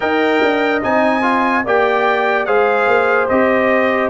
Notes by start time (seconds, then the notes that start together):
0.00 D#4 A#4 D#5 G5
0.42 D4
0.82 C4 D#4 G#5
1.22 F4
1.65 A#3 G4 D5 G5
2.45 G#3 G#4 C5 F5
2.87 A#3
3.28 C4 G4 D#5